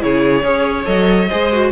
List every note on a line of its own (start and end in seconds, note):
0.00 0.43 C#3
0.00 0.42 E4
0.00 0.46 G#4
0.00 0.85 C#5
0.43 0.85 C#4
0.43 0.84 G#4
0.43 1.29 C#5
0.84 1.29 F#3
0.84 1.27 A4
0.84 1.70 D#5
1.29 1.71 G#3
1.29 1.52 G#4
1.29 1.71 C5
1.52 1.71 F#4